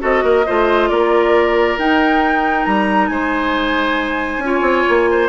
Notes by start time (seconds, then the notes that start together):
0.00 C4 F#4 A4 D#5
0.24 A#3 A#4
0.46 A3 F4 C5
0.89 A#3 A#4 D5
1.78 D#4 G5
2.65 G3 A#5
3.08 G#3 C5 G#5
4.38 C#4 F4
4.46 C#5
4.62 C4
4.89 A#3
5.11 C5